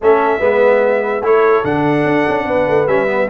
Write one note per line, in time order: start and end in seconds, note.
0.01 0.40 A3
0.01 0.40 C#4
0.01 0.39 A4
0.01 1.25 E5
0.39 1.21 G#3
0.39 1.22 B3
0.39 1.21 B4
1.21 1.63 A3
1.21 1.64 E4
1.21 2.46 A4
1.21 1.64 C#5
1.64 2.04 D3
1.64 2.87 D4
1.64 2.87 F#5
2.04 2.24 D4
2.28 2.44 C#4
2.44 2.65 B3
2.44 3.28 B4
2.68 2.87 A3
2.87 3.28 G3
2.87 3.06 C#4
2.87 3.28 E5
3.06 3.27 B3